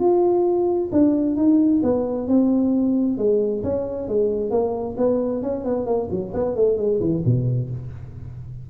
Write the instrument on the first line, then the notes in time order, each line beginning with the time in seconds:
tuba
0.00 F4
0.92 D4
1.36 D#4
1.83 B3
2.28 C4
3.18 G#3
3.64 C#4
4.08 G#3
4.51 A#3
4.98 B3
5.43 C#4
5.65 B3
5.86 A#3
6.11 F#3
6.34 B3
6.56 A3
6.78 G#3
7.00 E3
7.25 B2